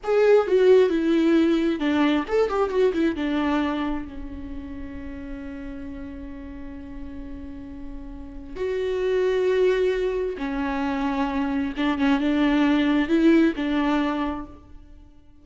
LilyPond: \new Staff \with { instrumentName = "viola" } { \time 4/4 \tempo 4 = 133 gis'4 fis'4 e'2 | d'4 a'8 g'8 fis'8 e'8 d'4~ | d'4 cis'2.~ | cis'1~ |
cis'2. fis'4~ | fis'2. cis'4~ | cis'2 d'8 cis'8 d'4~ | d'4 e'4 d'2 | }